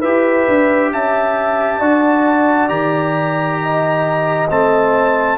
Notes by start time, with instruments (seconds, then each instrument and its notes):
0.00 tuba E4, trombone G4, horn B4, trumpet E5
0.48 tuba D4
0.92 tuba C#4, horn E5, trumpet A5
1.79 tuba D4, trombone F#4, horn D5
2.68 tuba D#3, trombone G4, trumpet A#5
3.62 horn D#5
4.50 tuba A3, trombone C4, trumpet A5